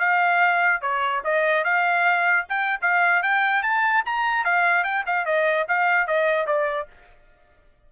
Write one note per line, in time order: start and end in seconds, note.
0.00 0.82 F5
0.82 1.23 C#5
1.25 1.65 D#5
1.65 2.47 F5
2.49 2.80 G5
2.82 3.23 F5
3.23 3.63 G5
3.63 4.04 A5
4.06 4.45 A#5
4.45 4.84 F5
4.84 5.05 G5
5.07 5.26 F5
5.26 5.67 D#5
5.69 6.07 F5
6.07 6.47 D#5
6.47 6.88 D5